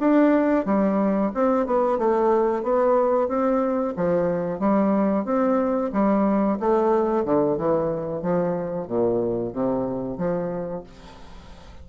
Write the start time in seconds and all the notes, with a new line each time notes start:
0.00 D4
0.66 G3
1.34 C4
1.66 B3
1.98 A3
2.63 B3
3.28 C4
3.96 F3
4.59 G3
5.25 C4
5.93 G3
6.60 A3
7.25 D3
7.57 E3
8.22 F3
8.88 A#2
9.53 C3
10.18 F3